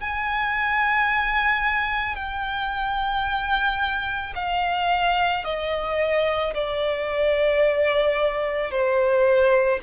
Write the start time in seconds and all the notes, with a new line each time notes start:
0.00 G#5
2.15 G5
4.35 F5
5.44 D#5
6.54 D5
8.70 C5